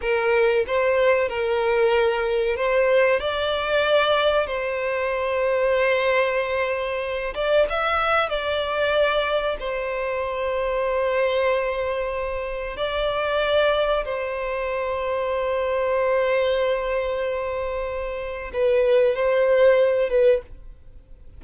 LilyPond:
\new Staff \with { instrumentName = "violin" } { \time 4/4 \tempo 4 = 94 ais'4 c''4 ais'2 | c''4 d''2 c''4~ | c''2.~ c''8 d''8 | e''4 d''2 c''4~ |
c''1 | d''2 c''2~ | c''1~ | c''4 b'4 c''4. b'8 | }